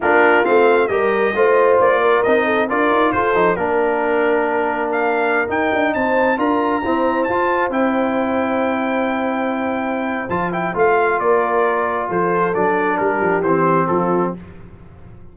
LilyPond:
<<
  \new Staff \with { instrumentName = "trumpet" } { \time 4/4 \tempo 4 = 134 ais'4 f''4 dis''2 | d''4 dis''4 d''4 c''4 | ais'2. f''4~ | f''16 g''4 a''4 ais''4.~ ais''16~ |
ais''16 a''4 g''2~ g''8.~ | g''2. a''8 g''8 | f''4 d''2 c''4 | d''4 ais'4 c''4 a'4 | }
  \new Staff \with { instrumentName = "horn" } { \time 4/4 f'2 ais'4 c''4~ | c''8 ais'4 a'8 ais'4 a'4 | ais'1~ | ais'4~ ais'16 c''4 ais'4 c''8.~ |
c''1~ | c''1~ | c''4 ais'2 a'4~ | a'4 g'2 f'4 | }
  \new Staff \with { instrumentName = "trombone" } { \time 4/4 d'4 c'4 g'4 f'4~ | f'4 dis'4 f'4. dis'8 | d'1~ | d'16 dis'2 f'4 c'8.~ |
c'16 f'4 e'2~ e'8.~ | e'2. f'8 e'8 | f'1 | d'2 c'2 | }
  \new Staff \with { instrumentName = "tuba" } { \time 4/4 ais4 a4 g4 a4 | ais4 c'4 d'8 dis'8 f'8 f8 | ais1~ | ais16 dis'8 d'8 c'4 d'4 e'8.~ |
e'16 f'4 c'2~ c'8.~ | c'2. f4 | a4 ais2 f4 | fis4 g8 f8 e4 f4 | }
>>